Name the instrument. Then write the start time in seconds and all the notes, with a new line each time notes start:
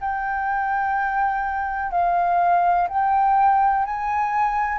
flute
0.00 G5
1.91 F5
2.88 G5
3.85 G#5